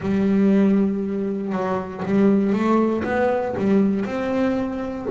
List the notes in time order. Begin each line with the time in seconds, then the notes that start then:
0.00 G3
1.52 F#3
2.05 G3
2.52 A3
3.04 B3
3.57 G3
4.05 C4